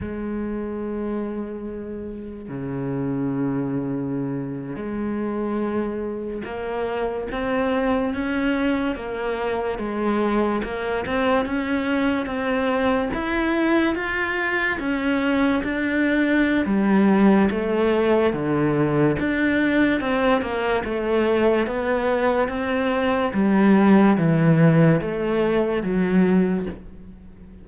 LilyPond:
\new Staff \with { instrumentName = "cello" } { \time 4/4 \tempo 4 = 72 gis2. cis4~ | cis4.~ cis16 gis2 ais16~ | ais8. c'4 cis'4 ais4 gis16~ | gis8. ais8 c'8 cis'4 c'4 e'16~ |
e'8. f'4 cis'4 d'4~ d'16 | g4 a4 d4 d'4 | c'8 ais8 a4 b4 c'4 | g4 e4 a4 fis4 | }